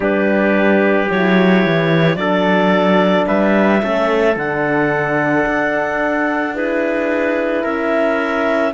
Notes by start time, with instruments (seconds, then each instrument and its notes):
0.00 cello G3, horn D4, trumpet G4, clarinet B4
1.09 cello F#3, horn E4, clarinet C#5
1.65 cello E3
2.16 cello F#3, horn D4, trumpet A4, clarinet D5
3.27 cello G3, trumpet B4, clarinet E5
3.80 cello A3, horn C#4, trumpet A4
4.35 cello D3, horn D4, clarinet F#5
5.45 cello D4
6.53 horn E4, trumpet G#4, clarinet B4
7.62 cello C#4, trumpet A#4, clarinet E5